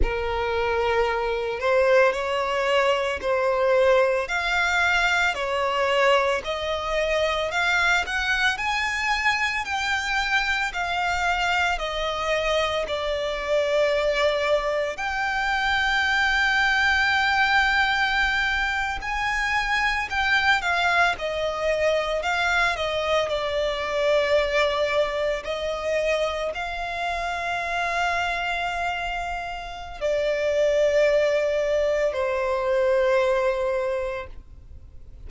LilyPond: \new Staff \with { instrumentName = "violin" } { \time 4/4 \tempo 4 = 56 ais'4. c''8 cis''4 c''4 | f''4 cis''4 dis''4 f''8 fis''8 | gis''4 g''4 f''4 dis''4 | d''2 g''2~ |
g''4.~ g''16 gis''4 g''8 f''8 dis''16~ | dis''8. f''8 dis''8 d''2 dis''16~ | dis''8. f''2.~ f''16 | d''2 c''2 | }